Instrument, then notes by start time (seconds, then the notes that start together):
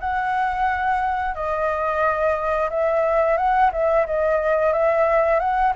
flute
0.00 F#5
1.35 D#5
2.70 E5
3.37 F#5
3.72 E5
4.06 D#5
4.72 E5
5.39 F#5